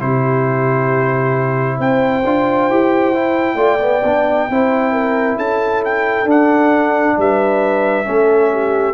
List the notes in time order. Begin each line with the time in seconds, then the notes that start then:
0.00 C3 E4 G4 C5
1.78 C4 C5 G5
2.25 D4 F4
2.69 E4 G4
3.15 E4
3.55 A3 F4 D5
3.80 B3
4.04 B3 D4
4.50 C4 E4 C5
4.93 A#4
5.37 C#4 A4 A5
5.85 G5
6.25 D4 F#5
7.18 G3 B4 E5
8.05 A3 C#4 A4
8.53 G4